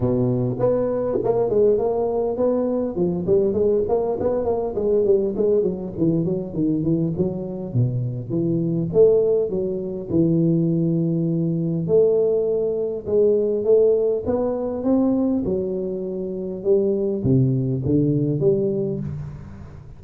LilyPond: \new Staff \with { instrumentName = "tuba" } { \time 4/4 \tempo 4 = 101 b,4 b4 ais8 gis8 ais4 | b4 f8 g8 gis8 ais8 b8 ais8 | gis8 g8 gis8 fis8 e8 fis8 dis8 e8 | fis4 b,4 e4 a4 |
fis4 e2. | a2 gis4 a4 | b4 c'4 fis2 | g4 c4 d4 g4 | }